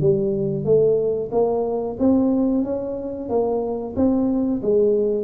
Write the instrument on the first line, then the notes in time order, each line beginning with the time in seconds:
tuba
0.00 G3
0.65 A3
1.31 A#3
1.99 C4
2.64 C#4
3.29 A#3
3.95 C4
4.62 G#3